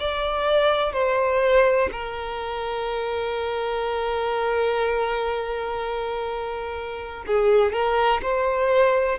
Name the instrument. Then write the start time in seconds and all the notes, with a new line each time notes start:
violin
0.00 D5
0.93 C5
1.93 A#4
7.27 G#4
7.73 A#4
8.23 C5